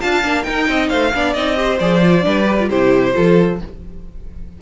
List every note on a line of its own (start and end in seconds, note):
0.00 0.23 D4
0.00 0.23 F4
0.00 0.45 F5
0.00 0.43 A5
0.23 0.45 A#3
0.23 0.43 D4
0.43 1.10 D#4
0.43 0.68 A#4
0.43 0.87 G5
0.49 0.68 D#4
0.68 0.90 C4
0.68 0.89 D#5
0.88 1.14 A3
0.88 1.11 C5
0.88 1.33 F5
1.14 1.36 B3
1.14 1.36 D4
1.14 1.57 D5
1.33 1.79 C4
1.33 1.56 D#4
1.33 1.78 D#5
1.56 1.78 G4
1.56 2.24 C5
1.79 2.24 F3
1.79 2.01 G#4
1.79 2.68 D5
2.01 2.21 F4
2.21 2.70 G3
2.21 2.44 D4
2.21 2.69 B4
2.46 2.57 G4
2.59 2.70 F4
2.69 3.15 C3
2.69 3.13 E4
2.69 3.14 G4
2.69 3.59 C5
3.13 3.61 F3
3.13 3.58 F4
3.13 3.60 A4